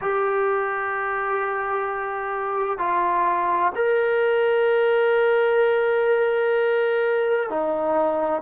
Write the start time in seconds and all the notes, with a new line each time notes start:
0.01 G4
2.78 F4
3.75 A#4
7.49 D#4